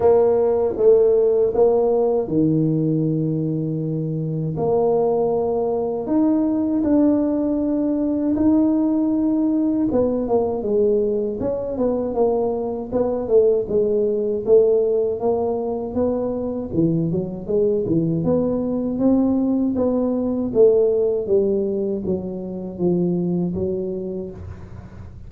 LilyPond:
\new Staff \with { instrumentName = "tuba" } { \time 4/4 \tempo 4 = 79 ais4 a4 ais4 dis4~ | dis2 ais2 | dis'4 d'2 dis'4~ | dis'4 b8 ais8 gis4 cis'8 b8 |
ais4 b8 a8 gis4 a4 | ais4 b4 e8 fis8 gis8 e8 | b4 c'4 b4 a4 | g4 fis4 f4 fis4 | }